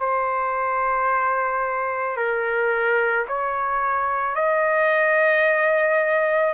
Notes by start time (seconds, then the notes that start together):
0.00 C5
2.17 A#4
3.28 C#5
4.36 D#5